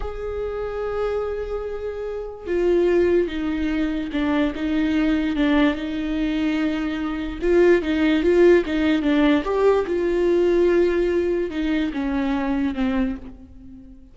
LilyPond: \new Staff \with { instrumentName = "viola" } { \time 4/4 \tempo 4 = 146 gis'1~ | gis'2 f'2 | dis'2 d'4 dis'4~ | dis'4 d'4 dis'2~ |
dis'2 f'4 dis'4 | f'4 dis'4 d'4 g'4 | f'1 | dis'4 cis'2 c'4 | }